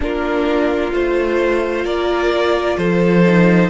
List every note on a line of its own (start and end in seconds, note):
0.00 0.92 A#3
0.00 0.90 D4
0.00 1.84 F4
0.00 0.93 A#4
0.92 1.84 A3
0.92 3.23 F4
0.92 1.85 C5
1.84 2.77 A#3
1.84 2.76 A#4
1.84 2.77 D5
2.77 3.69 F3
2.77 3.69 A4
2.77 3.69 C5
3.26 3.69 D#4